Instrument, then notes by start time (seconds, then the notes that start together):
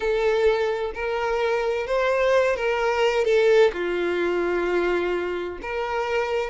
violin
0.00 A4
0.94 A#4
1.86 C5
2.55 A#4
3.24 A4
3.72 F4
5.62 A#4